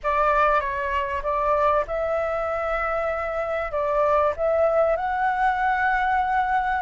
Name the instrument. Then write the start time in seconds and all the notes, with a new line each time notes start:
flute
0.03 D5
0.60 C#5
1.23 D5
1.87 E5
3.71 D5
4.36 E5
4.96 F#5